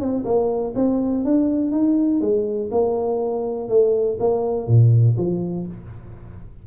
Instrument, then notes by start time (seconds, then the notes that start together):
tuba
0.00 C4
0.25 A#3
0.76 C4
1.25 D4
1.72 D#4
2.21 G#3
2.72 A#3
3.69 A3
4.20 A#3
4.68 A#2
5.18 F3